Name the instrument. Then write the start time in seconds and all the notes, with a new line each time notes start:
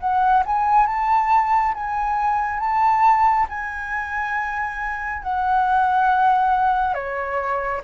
flute
0.00 F#5
0.46 G#5
0.87 A5
1.74 G#5
2.59 A5
3.49 G#5
5.23 F#5
6.94 C#5